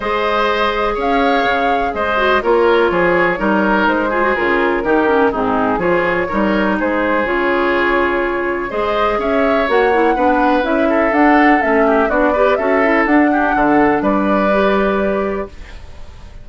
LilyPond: <<
  \new Staff \with { instrumentName = "flute" } { \time 4/4 \tempo 4 = 124 dis''2 f''2 | dis''4 cis''2. | c''4 ais'2 gis'4 | cis''2 c''4 cis''4~ |
cis''2 dis''4 e''4 | fis''2 e''4 fis''4 | e''4 d''4 e''4 fis''4~ | fis''4 d''2. | }
  \new Staff \with { instrumentName = "oboe" } { \time 4/4 c''2 cis''2 | c''4 ais'4 gis'4 ais'4~ | ais'8 gis'4. g'4 dis'4 | gis'4 ais'4 gis'2~ |
gis'2 c''4 cis''4~ | cis''4 b'4. a'4.~ | a'8 g'8 fis'8 b'8 a'4. g'8 | a'4 b'2. | }
  \new Staff \with { instrumentName = "clarinet" } { \time 4/4 gis'1~ | gis'8 fis'8 f'2 dis'4~ | dis'8 f'16 fis'16 f'4 dis'8 cis'8 c'4 | f'4 dis'2 f'4~ |
f'2 gis'2 | fis'8 e'8 d'4 e'4 d'4 | cis'4 d'8 g'8 fis'8 e'8 d'4~ | d'2 g'2 | }
  \new Staff \with { instrumentName = "bassoon" } { \time 4/4 gis2 cis'4 cis4 | gis4 ais4 f4 g4 | gis4 cis4 dis4 gis,4 | f4 g4 gis4 cis4~ |
cis2 gis4 cis'4 | ais4 b4 cis'4 d'4 | a4 b4 cis'4 d'4 | d4 g2. | }
>>